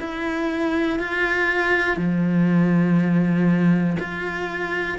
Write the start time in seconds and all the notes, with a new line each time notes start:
0.00 E4
0.99 F4
1.97 F3
3.99 F4